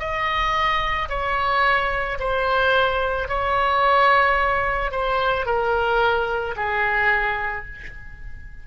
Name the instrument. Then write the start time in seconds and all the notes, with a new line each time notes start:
oboe
0.00 D#5
1.10 C#5
2.20 C5
3.29 C#5
4.92 C5
5.46 A#4
6.57 G#4